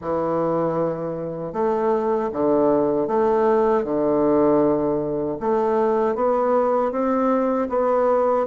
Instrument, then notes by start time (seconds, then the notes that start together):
bassoon
0.01 E3
1.52 A3
2.32 D3
3.07 A3
3.84 D3
5.40 A3
6.15 B3
6.91 C4
7.69 B3